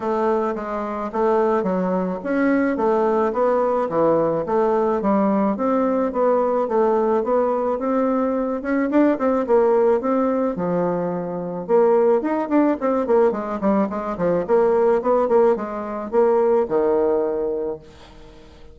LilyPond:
\new Staff \with { instrumentName = "bassoon" } { \time 4/4 \tempo 4 = 108 a4 gis4 a4 fis4 | cis'4 a4 b4 e4 | a4 g4 c'4 b4 | a4 b4 c'4. cis'8 |
d'8 c'8 ais4 c'4 f4~ | f4 ais4 dis'8 d'8 c'8 ais8 | gis8 g8 gis8 f8 ais4 b8 ais8 | gis4 ais4 dis2 | }